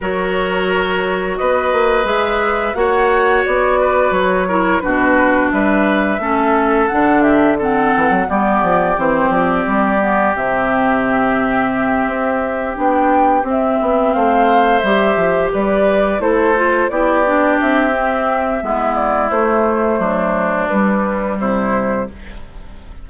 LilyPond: <<
  \new Staff \with { instrumentName = "flute" } { \time 4/4 \tempo 4 = 87 cis''2 dis''4 e''4 | fis''4 d''4 cis''4 b'4 | e''2 fis''8 e''8 fis''4 | d''4 c''8 d''4. e''4~ |
e''2~ e''8 g''4 e''8~ | e''8 f''4 e''4 d''4 c''8~ | c''8 d''4 e''2 d''8 | c''2 b'4 c''4 | }
  \new Staff \with { instrumentName = "oboe" } { \time 4/4 ais'2 b'2 | cis''4. b'4 ais'8 fis'4 | b'4 a'4. g'8 a'4 | g'1~ |
g'1~ | g'8 c''2 b'4 a'8~ | a'8 g'2~ g'8 e'4~ | e'4 d'2 e'4 | }
  \new Staff \with { instrumentName = "clarinet" } { \time 4/4 fis'2. gis'4 | fis'2~ fis'8 e'8 d'4~ | d'4 cis'4 d'4 c'4 | b4 c'4. b8 c'4~ |
c'2~ c'8 d'4 c'8~ | c'4. g'2 e'8 | f'8 e'8 d'4 c'4 b4 | a2 g2 | }
  \new Staff \with { instrumentName = "bassoon" } { \time 4/4 fis2 b8 ais8 gis4 | ais4 b4 fis4 b,4 | g4 a4 d4. e16 fis16 | g8 f8 e8 f8 g4 c4~ |
c4. c'4 b4 c'8 | b8 a4 g8 f8 g4 a8~ | a8 b4 c'4. gis4 | a4 fis4 g4 c4 | }
>>